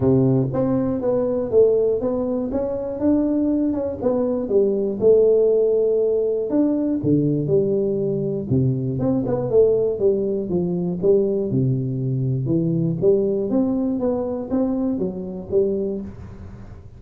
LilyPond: \new Staff \with { instrumentName = "tuba" } { \time 4/4 \tempo 4 = 120 c4 c'4 b4 a4 | b4 cis'4 d'4. cis'8 | b4 g4 a2~ | a4 d'4 d4 g4~ |
g4 c4 c'8 b8 a4 | g4 f4 g4 c4~ | c4 e4 g4 c'4 | b4 c'4 fis4 g4 | }